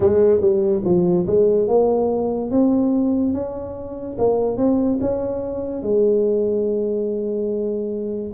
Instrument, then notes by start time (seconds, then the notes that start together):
tuba
0.00 G#3
0.41 G3
0.84 F3
1.26 G#3
1.67 A#3
2.50 C4
3.33 C#4
4.18 A#3
4.57 C4
5.00 C#4
5.82 G#3